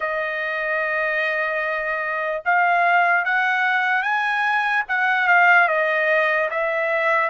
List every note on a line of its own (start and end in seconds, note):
0.00 2.42 D#5
2.45 3.24 F5
3.24 4.02 F#5
4.02 4.83 G#5
4.88 5.27 F#5
5.27 5.68 F5
5.68 6.49 D#5
6.50 7.29 E5